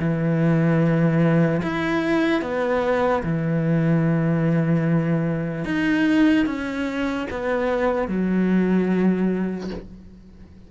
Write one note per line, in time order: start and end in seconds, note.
0.00 1.62 E3
1.63 2.42 E4
2.42 3.23 B3
3.24 5.65 E3
5.65 6.46 D#4
6.47 7.28 C#4
7.31 8.08 B3
8.08 9.70 F#3